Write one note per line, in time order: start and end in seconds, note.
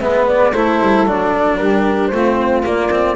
0.00 0.53 G#3
0.00 0.53 B3
0.00 0.53 B4
0.00 0.26 E5
0.27 0.53 D5
0.53 0.80 A3
0.53 1.07 E4
0.53 1.58 A4
0.53 1.06 C5
0.81 1.06 G3
1.06 1.58 F#3
1.06 2.12 D4
1.06 1.57 D5
1.57 2.11 G3
1.57 2.11 G4
1.57 2.07 A#4
2.07 2.64 A3
2.07 3.15 F4
2.07 2.60 C5
2.14 2.63 C4
2.63 2.89 A#3
2.63 3.15 A#3
2.63 3.15 D5
2.91 3.15 C4